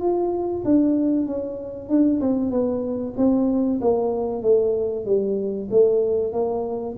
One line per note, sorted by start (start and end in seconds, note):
0.00 0.63 F4
0.64 1.26 D4
1.26 1.88 C#4
1.88 2.20 D4
2.20 2.50 C4
2.50 3.13 B3
3.17 3.80 C4
3.81 4.42 A#3
4.42 5.05 A3
5.05 5.68 G3
5.70 6.32 A3
6.32 6.95 A#3